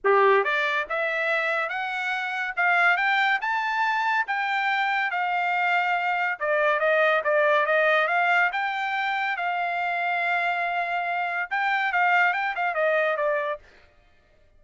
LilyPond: \new Staff \with { instrumentName = "trumpet" } { \time 4/4 \tempo 4 = 141 g'4 d''4 e''2 | fis''2 f''4 g''4 | a''2 g''2 | f''2. d''4 |
dis''4 d''4 dis''4 f''4 | g''2 f''2~ | f''2. g''4 | f''4 g''8 f''8 dis''4 d''4 | }